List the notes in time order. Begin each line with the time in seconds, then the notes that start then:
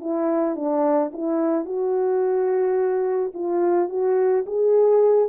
0.00 E4
0.55 D4
1.12 E4
1.65 F#4
3.34 F4
3.89 F#4
4.46 G#4